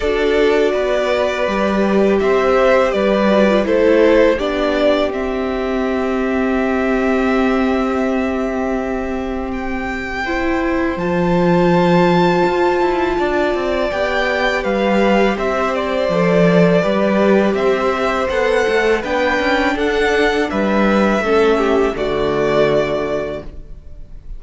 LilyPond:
<<
  \new Staff \with { instrumentName = "violin" } { \time 4/4 \tempo 4 = 82 d''2. e''4 | d''4 c''4 d''4 e''4~ | e''1~ | e''4 g''2 a''4~ |
a''2. g''4 | f''4 e''8 d''2~ d''8 | e''4 fis''4 g''4 fis''4 | e''2 d''2 | }
  \new Staff \with { instrumentName = "violin" } { \time 4/4 a'4 b'2 c''4 | b'4 a'4 g'2~ | g'1~ | g'2 c''2~ |
c''2 d''2 | b'4 c''2 b'4 | c''2 b'4 a'4 | b'4 a'8 g'8 fis'2 | }
  \new Staff \with { instrumentName = "viola" } { \time 4/4 fis'2 g'2~ | g'8 fis'16 f'16 e'4 d'4 c'4~ | c'1~ | c'2 e'4 f'4~ |
f'2. g'4~ | g'2 a'4 g'4~ | g'4 a'4 d'2~ | d'4 cis'4 a2 | }
  \new Staff \with { instrumentName = "cello" } { \time 4/4 d'4 b4 g4 c'4 | g4 a4 b4 c'4~ | c'1~ | c'2. f4~ |
f4 f'8 e'8 d'8 c'8 b4 | g4 c'4 f4 g4 | c'4 b8 a8 b8 cis'8 d'4 | g4 a4 d2 | }
>>